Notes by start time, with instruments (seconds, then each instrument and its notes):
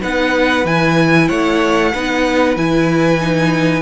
0.00 cello B3, viola D#4, violin B4 F#5
0.65 cello E3, viola E4, violin G#5
1.28 cello A3, violin C#5 F#5
1.94 cello B3, viola D#4, violin B4
2.56 cello E3, viola E4, violin G#5
3.21 viola D#4